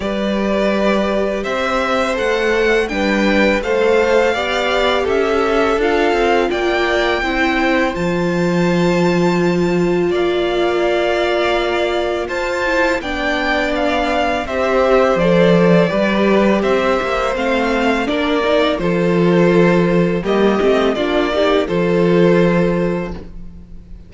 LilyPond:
<<
  \new Staff \with { instrumentName = "violin" } { \time 4/4 \tempo 4 = 83 d''2 e''4 fis''4 | g''4 f''2 e''4 | f''4 g''2 a''4~ | a''2 f''2~ |
f''4 a''4 g''4 f''4 | e''4 d''2 e''4 | f''4 d''4 c''2 | dis''4 d''4 c''2 | }
  \new Staff \with { instrumentName = "violin" } { \time 4/4 b'2 c''2 | b'4 c''4 d''4 a'4~ | a'4 d''4 c''2~ | c''2 d''2~ |
d''4 c''4 d''2 | c''2 b'4 c''4~ | c''4 ais'4 a'2 | g'4 f'8 g'8 a'2 | }
  \new Staff \with { instrumentName = "viola" } { \time 4/4 g'2. a'4 | d'4 a'4 g'2 | f'2 e'4 f'4~ | f'1~ |
f'4. e'8 d'2 | g'4 a'4 g'2 | c'4 d'8 dis'8 f'2 | ais8 c'8 d'8 dis'8 f'2 | }
  \new Staff \with { instrumentName = "cello" } { \time 4/4 g2 c'4 a4 | g4 a4 b4 cis'4 | d'8 c'8 ais4 c'4 f4~ | f2 ais2~ |
ais4 f'4 b2 | c'4 f4 g4 c'8 ais8 | a4 ais4 f2 | g8 a8 ais4 f2 | }
>>